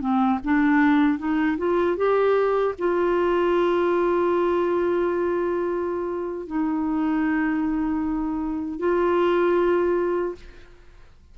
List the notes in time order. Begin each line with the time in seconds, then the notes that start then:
0.00 C4
0.44 D4
1.18 D#4
1.57 F4
1.96 G4
2.78 F4
6.46 D#4
8.79 F4